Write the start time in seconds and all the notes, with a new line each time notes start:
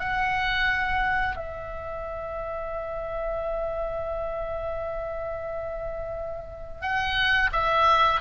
0.00 F#5
1.37 E5
6.82 F#5
7.53 E5